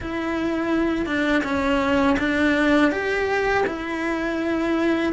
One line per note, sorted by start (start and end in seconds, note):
0.00 1.06 E4
1.06 1.42 D4
1.43 2.17 C#4
2.18 2.91 D4
2.91 3.64 G4
3.66 5.13 E4